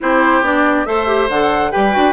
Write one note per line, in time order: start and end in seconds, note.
0.00 0.41 C4
0.00 0.43 E4
0.00 0.87 G4
0.00 0.44 C5
0.41 0.85 B3
0.41 0.86 D4
0.41 0.85 D5
0.85 1.29 A3
0.85 1.06 A4
0.85 1.71 C5
0.85 1.28 E5
1.06 1.28 G4
1.29 1.72 D3
1.29 1.71 A4
1.29 1.71 F#5
1.71 1.96 G3
1.71 1.91 G4
1.71 2.13 B4
1.71 2.13 G5
1.91 2.13 D4
1.91 2.13 F#4